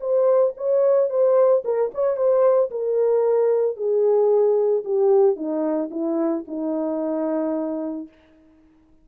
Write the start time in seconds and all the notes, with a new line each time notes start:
0.00 C5
0.56 C#5
1.09 C5
1.64 A#4
1.94 C#5
2.16 C5
2.70 A#4
3.76 G#4
4.84 G4
5.36 D#4
5.90 E4
6.47 D#4